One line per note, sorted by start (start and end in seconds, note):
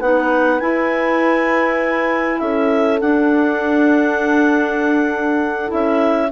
0.00 0.61 B3
0.00 0.61 D#4
0.00 2.40 B4
0.00 0.60 F#5
0.60 3.01 E4
0.60 2.42 E4
0.60 2.39 G#5
2.39 3.02 C#4
2.39 6.32 A4
2.39 2.99 E5
3.01 5.68 D4
3.01 5.72 D4
3.01 5.71 F#5
5.68 6.32 C#4
5.68 6.28 E4
5.68 6.32 E5